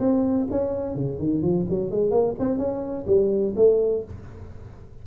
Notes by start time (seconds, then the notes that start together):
0.00 C4
0.51 C#4
0.95 C#3
1.19 D#3
1.42 F3
1.70 F#3
1.91 G#3
2.11 A#3
2.39 C4
2.58 C#4
3.07 G3
3.56 A3